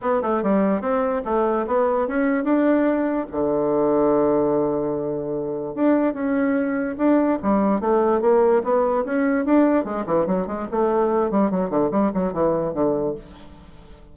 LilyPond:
\new Staff \with { instrumentName = "bassoon" } { \time 4/4 \tempo 4 = 146 b8 a8 g4 c'4 a4 | b4 cis'4 d'2 | d1~ | d2 d'4 cis'4~ |
cis'4 d'4 g4 a4 | ais4 b4 cis'4 d'4 | gis8 e8 fis8 gis8 a4. g8 | fis8 d8 g8 fis8 e4 d4 | }